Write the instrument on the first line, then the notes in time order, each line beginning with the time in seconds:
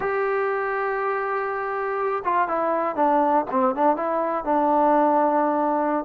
trombone
0.00 G4
2.24 F4
2.48 E4
2.95 D4
3.50 C4
3.75 D4
3.96 E4
4.44 D4